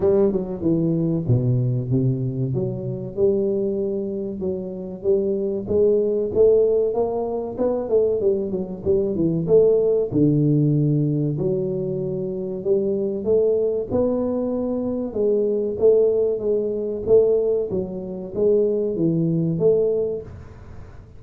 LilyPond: \new Staff \with { instrumentName = "tuba" } { \time 4/4 \tempo 4 = 95 g8 fis8 e4 b,4 c4 | fis4 g2 fis4 | g4 gis4 a4 ais4 | b8 a8 g8 fis8 g8 e8 a4 |
d2 fis2 | g4 a4 b2 | gis4 a4 gis4 a4 | fis4 gis4 e4 a4 | }